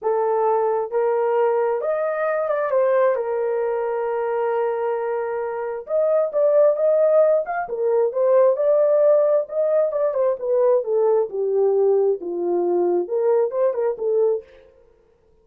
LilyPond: \new Staff \with { instrumentName = "horn" } { \time 4/4 \tempo 4 = 133 a'2 ais'2 | dis''4. d''8 c''4 ais'4~ | ais'1~ | ais'4 dis''4 d''4 dis''4~ |
dis''8 f''8 ais'4 c''4 d''4~ | d''4 dis''4 d''8 c''8 b'4 | a'4 g'2 f'4~ | f'4 ais'4 c''8 ais'8 a'4 | }